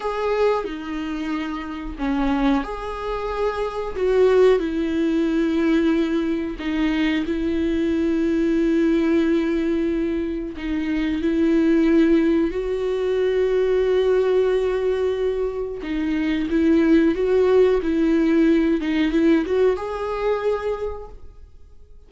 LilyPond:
\new Staff \with { instrumentName = "viola" } { \time 4/4 \tempo 4 = 91 gis'4 dis'2 cis'4 | gis'2 fis'4 e'4~ | e'2 dis'4 e'4~ | e'1 |
dis'4 e'2 fis'4~ | fis'1 | dis'4 e'4 fis'4 e'4~ | e'8 dis'8 e'8 fis'8 gis'2 | }